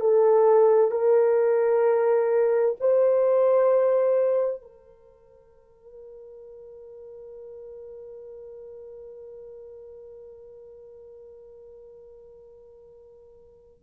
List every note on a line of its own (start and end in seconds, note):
0.00 0.91 A4
0.91 2.76 A#4
2.80 4.62 C5
4.62 13.83 A#4